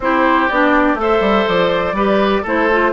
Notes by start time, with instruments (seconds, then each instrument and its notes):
0.00 bassoon C4, clarinet E4, oboe G4, flute C5
0.49 bassoon B3, clarinet D4, flute D5
0.94 bassoon A3, clarinet A4, flute E5
1.01 oboe C5
1.20 bassoon G3
1.47 bassoon F3, flute D5
1.92 bassoon G3, clarinet G4, oboe B4
2.42 bassoon A3, clarinet E4, oboe A4, flute C5
2.71 clarinet F4